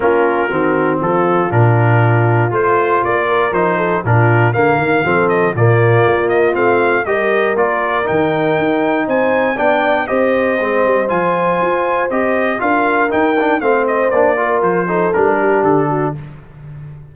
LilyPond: <<
  \new Staff \with { instrumentName = "trumpet" } { \time 4/4 \tempo 4 = 119 ais'2 a'4 ais'4~ | ais'4 c''4 d''4 c''4 | ais'4 f''4. dis''8 d''4~ | d''8 dis''8 f''4 dis''4 d''4 |
g''2 gis''4 g''4 | dis''2 gis''2 | dis''4 f''4 g''4 f''8 dis''8 | d''4 c''4 ais'4 a'4 | }
  \new Staff \with { instrumentName = "horn" } { \time 4/4 f'4 fis'4 f'2~ | f'2~ f'8 ais'4 a'8 | f'4 ais'4 a'4 f'4~ | f'2 ais'2~ |
ais'2 c''4 d''4 | c''1~ | c''4 ais'2 c''4~ | c''8 ais'4 a'4 g'4 fis'8 | }
  \new Staff \with { instrumentName = "trombone" } { \time 4/4 cis'4 c'2 d'4~ | d'4 f'2 dis'4 | d'4 ais4 c'4 ais4~ | ais4 c'4 g'4 f'4 |
dis'2. d'4 | g'4 c'4 f'2 | g'4 f'4 dis'8 d'8 c'4 | d'8 f'4 dis'8 d'2 | }
  \new Staff \with { instrumentName = "tuba" } { \time 4/4 ais4 dis4 f4 ais,4~ | ais,4 a4 ais4 f4 | ais,4 d8 dis8 f4 ais,4 | ais4 a4 g4 ais4 |
dis4 dis'4 c'4 b4 | c'4 gis8 g8 f4 f'4 | c'4 d'4 dis'4 a4 | ais4 f4 g4 d4 | }
>>